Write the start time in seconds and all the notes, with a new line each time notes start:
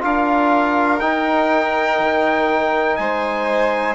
0.00 D4 F4 A#4 F5
1.00 D#4 G5
2.00 D#3
2.96 G#3 C5 G#5